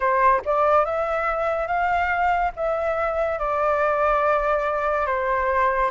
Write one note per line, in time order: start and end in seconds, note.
0.00 0.41 C5
0.45 0.85 D5
0.85 1.67 E5
1.67 2.51 F5
2.55 3.38 E5
3.38 5.06 D5
5.06 5.90 C5